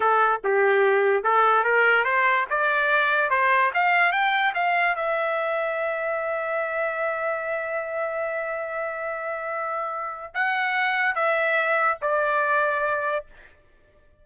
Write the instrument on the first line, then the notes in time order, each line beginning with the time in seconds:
trumpet
0.00 A4
0.43 G4
1.23 A4
1.64 A#4
2.04 C5
2.50 D5
3.30 C5
3.74 F5
4.12 G5
4.54 F5
4.95 E5
10.34 F#5
11.15 E5
12.01 D5